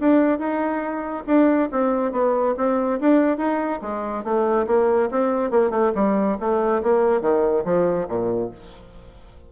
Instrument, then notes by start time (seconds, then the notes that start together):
bassoon
0.00 D4
0.39 D#4
1.27 D4
1.72 C4
2.12 B3
2.57 C4
3.01 D4
3.38 D#4
3.82 G#3
4.24 A3
4.67 A#3
5.11 C4
5.51 A#3
5.71 A3
5.95 G3
6.40 A3
6.83 A#3
7.21 D#3
7.65 F3
8.09 A#2